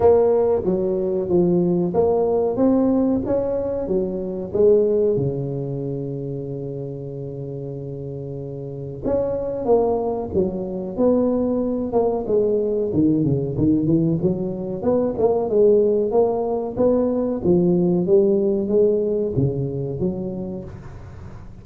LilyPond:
\new Staff \with { instrumentName = "tuba" } { \time 4/4 \tempo 4 = 93 ais4 fis4 f4 ais4 | c'4 cis'4 fis4 gis4 | cis1~ | cis2 cis'4 ais4 |
fis4 b4. ais8 gis4 | dis8 cis8 dis8 e8 fis4 b8 ais8 | gis4 ais4 b4 f4 | g4 gis4 cis4 fis4 | }